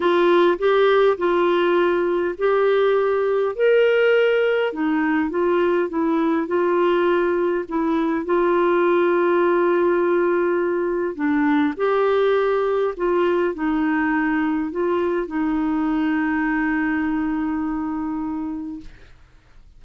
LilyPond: \new Staff \with { instrumentName = "clarinet" } { \time 4/4 \tempo 4 = 102 f'4 g'4 f'2 | g'2 ais'2 | dis'4 f'4 e'4 f'4~ | f'4 e'4 f'2~ |
f'2. d'4 | g'2 f'4 dis'4~ | dis'4 f'4 dis'2~ | dis'1 | }